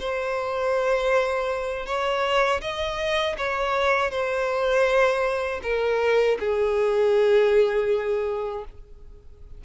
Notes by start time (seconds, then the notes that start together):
0.00 C5
1.86 C#5
2.61 D#5
3.38 C#5
4.11 C5
5.63 A#4
6.40 G#4